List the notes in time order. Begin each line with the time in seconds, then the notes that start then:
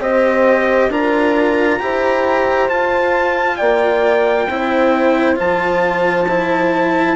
0.00 C4 G4 C5 D#5
0.90 D4 F4 A#4 A#5
1.80 E4 G4 C5
2.69 F4 A5
3.57 A#3 D5 G5
4.49 C4 E4 C5
5.36 F3 F4 A5
6.29 E4